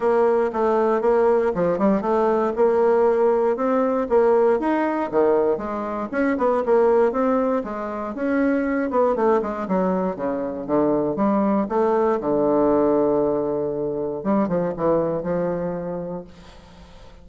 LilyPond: \new Staff \with { instrumentName = "bassoon" } { \time 4/4 \tempo 4 = 118 ais4 a4 ais4 f8 g8 | a4 ais2 c'4 | ais4 dis'4 dis4 gis4 | cis'8 b8 ais4 c'4 gis4 |
cis'4. b8 a8 gis8 fis4 | cis4 d4 g4 a4 | d1 | g8 f8 e4 f2 | }